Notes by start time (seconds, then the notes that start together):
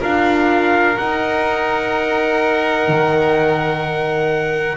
0.00 D4 F4 A#4 F5
0.97 D#4 F#5
2.88 D#3